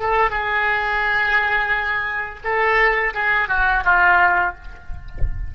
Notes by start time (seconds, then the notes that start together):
0.00 A4
0.31 G#4
2.45 A4
3.15 G#4
3.49 F#4
3.86 F4